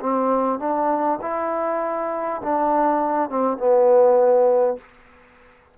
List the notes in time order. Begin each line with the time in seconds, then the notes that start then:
0.00 C4
0.59 D4
1.22 E4
2.43 D4
3.29 C4
3.57 B3